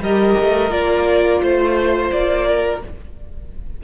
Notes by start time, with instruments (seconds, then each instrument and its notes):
0.00 cello G3, viola G4, violin A#4 D#5
0.41 cello A3
0.69 cello A#3, viola F4, violin D5
1.42 cello A3, violin C5
2.12 cello A#3, violin D5
2.49 violin A#4